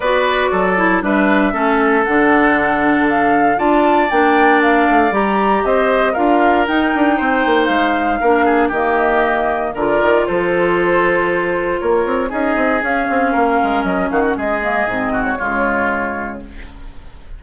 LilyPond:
<<
  \new Staff \with { instrumentName = "flute" } { \time 4/4 \tempo 4 = 117 d''2 e''2 | fis''2 f''4 a''4 | g''4 f''4 ais''4 dis''4 | f''4 g''2 f''4~ |
f''4 dis''2 d''4 | c''2. cis''4 | dis''4 f''2 dis''8 f''16 fis''16 | dis''4.~ dis''16 cis''2~ cis''16 | }
  \new Staff \with { instrumentName = "oboe" } { \time 4/4 b'4 a'4 b'4 a'4~ | a'2. d''4~ | d''2. c''4 | ais'2 c''2 |
ais'8 gis'8 g'2 ais'4 | a'2. ais'4 | gis'2 ais'4. fis'8 | gis'4. fis'8 f'2 | }
  \new Staff \with { instrumentName = "clarinet" } { \time 4/4 fis'4. e'8 d'4 cis'4 | d'2. f'4 | d'2 g'2 | f'4 dis'2. |
d'4 ais2 f'4~ | f'1 | dis'4 cis'2.~ | cis'8 ais8 c'4 gis2 | }
  \new Staff \with { instrumentName = "bassoon" } { \time 4/4 b4 fis4 g4 a4 | d2. d'4 | ais4. a8 g4 c'4 | d'4 dis'8 d'8 c'8 ais8 gis4 |
ais4 dis2 d8 dis8 | f2. ais8 c'8 | cis'8 c'8 cis'8 c'8 ais8 gis8 fis8 dis8 | gis4 gis,4 cis2 | }
>>